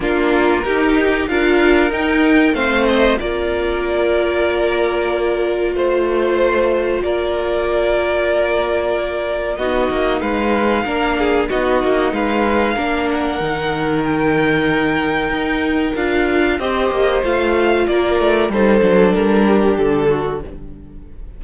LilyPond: <<
  \new Staff \with { instrumentName = "violin" } { \time 4/4 \tempo 4 = 94 ais'2 f''4 g''4 | f''8 dis''8 d''2.~ | d''4 c''2 d''4~ | d''2. dis''4 |
f''2 dis''4 f''4~ | f''8 fis''4. g''2~ | g''4 f''4 dis''4 f''4 | d''4 c''4 ais'4 a'4 | }
  \new Staff \with { instrumentName = "violin" } { \time 4/4 f'4 g'4 ais'2 | c''4 ais'2.~ | ais'4 c''2 ais'4~ | ais'2. fis'4 |
b'4 ais'8 gis'8 fis'4 b'4 | ais'1~ | ais'2 c''2 | ais'4 a'4. g'4 fis'8 | }
  \new Staff \with { instrumentName = "viola" } { \time 4/4 d'4 dis'4 f'4 dis'4 | c'4 f'2.~ | f'1~ | f'2. dis'4~ |
dis'4 d'4 dis'2 | d'4 dis'2.~ | dis'4 f'4 g'4 f'4~ | f'4 dis'8 d'2~ d'8 | }
  \new Staff \with { instrumentName = "cello" } { \time 4/4 ais4 dis'4 d'4 dis'4 | a4 ais2.~ | ais4 a2 ais4~ | ais2. b8 ais8 |
gis4 ais4 b8 ais8 gis4 | ais4 dis2. | dis'4 d'4 c'8 ais8 a4 | ais8 a8 g8 fis8 g4 d4 | }
>>